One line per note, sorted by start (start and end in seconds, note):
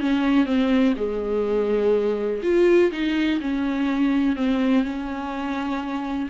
0.00 0.45 C#4
0.45 0.94 C4
0.96 2.41 G#3
2.43 2.91 F4
2.91 3.40 D#4
3.40 4.36 C#4
4.36 4.83 C4
4.83 6.29 C#4